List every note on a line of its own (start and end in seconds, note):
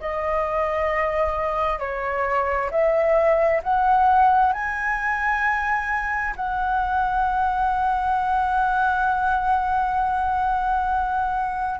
0.00 1.79 D#5
1.79 2.70 C#5
2.71 3.62 E5
3.63 4.52 F#5
4.52 6.34 G#5
6.36 11.80 F#5